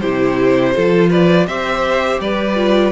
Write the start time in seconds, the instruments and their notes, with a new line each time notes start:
0.00 cello C3, viola E4, violin G4 C5
0.75 cello F3, viola F4, violin A4
1.10 violin B4 D5
1.47 cello C4, viola G4, violin C5 E5
2.20 cello G3, violin B4 D5
2.56 viola F4